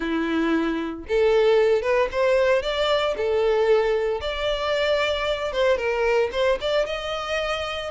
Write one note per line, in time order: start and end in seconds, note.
0.00 1.04 E4
1.08 1.82 A4
1.82 2.08 B4
2.11 2.62 C5
2.62 3.15 D5
3.17 4.21 A4
4.21 5.52 D5
5.52 5.77 C5
5.77 6.29 A#4
6.32 6.58 C5
6.61 6.85 D5
6.85 7.90 D#5